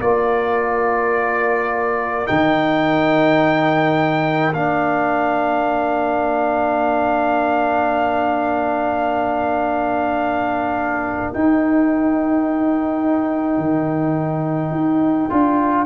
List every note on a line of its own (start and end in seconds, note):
0.00 2.26 A#3
0.00 2.27 F4
0.00 15.85 A#4
0.00 2.27 D5
2.27 4.53 D#3
2.27 4.53 D#4
2.27 4.53 G5
4.53 11.32 A#3
4.53 11.34 D4
4.53 11.33 F5
11.33 15.29 D#4
11.33 13.57 D#4
11.33 15.85 G5
13.57 14.71 D#3
14.71 15.27 D#4
15.29 15.85 D4
15.29 15.85 F4